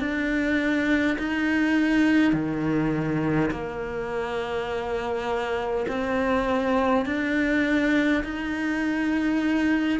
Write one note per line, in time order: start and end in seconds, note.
0.00 1.18 D4
1.18 2.33 D#4
2.33 3.50 D#3
3.51 5.86 A#3
5.88 7.06 C4
7.06 8.24 D4
8.24 10.00 D#4